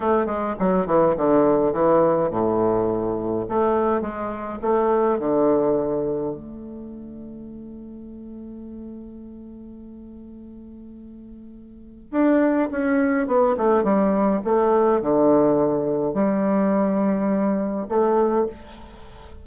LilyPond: \new Staff \with { instrumentName = "bassoon" } { \time 4/4 \tempo 4 = 104 a8 gis8 fis8 e8 d4 e4 | a,2 a4 gis4 | a4 d2 a4~ | a1~ |
a1~ | a4 d'4 cis'4 b8 a8 | g4 a4 d2 | g2. a4 | }